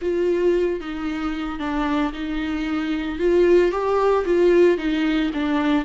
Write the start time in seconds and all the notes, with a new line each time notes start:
0.01 F4
0.80 D#4
1.59 D4
2.12 D#4
3.18 F4
3.71 G4
4.25 F4
4.77 D#4
5.33 D4